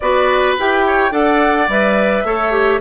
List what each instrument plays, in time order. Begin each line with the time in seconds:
0.00 bassoon B3, clarinet F#4, oboe B4, flute D5
0.58 bassoon E4, clarinet G4, flute G5
0.86 oboe C#5
1.11 bassoon D4, clarinet A4, oboe D5, flute F#5
1.68 bassoon G3, clarinet B4, flute E5
2.24 bassoon A3, clarinet A4, oboe C#5
2.51 clarinet G4